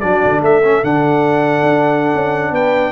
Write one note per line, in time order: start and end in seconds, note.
0.00 0.23 F#3
0.00 0.62 D4
0.00 0.41 F#4
0.00 0.40 D5
0.25 0.40 D3
0.40 0.81 A3
0.40 2.53 A4
0.40 0.84 E5
0.63 0.83 C#4
0.83 1.63 D3
0.83 2.92 D4
0.83 2.54 F#5
1.63 2.13 D4
2.14 2.51 C#4
2.51 2.91 B3
2.51 2.92 B4
2.51 2.92 G5